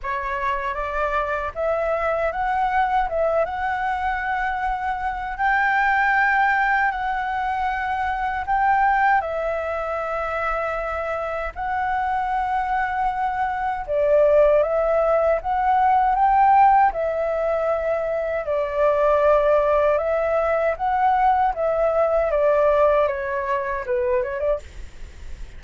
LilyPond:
\new Staff \with { instrumentName = "flute" } { \time 4/4 \tempo 4 = 78 cis''4 d''4 e''4 fis''4 | e''8 fis''2~ fis''8 g''4~ | g''4 fis''2 g''4 | e''2. fis''4~ |
fis''2 d''4 e''4 | fis''4 g''4 e''2 | d''2 e''4 fis''4 | e''4 d''4 cis''4 b'8 cis''16 d''16 | }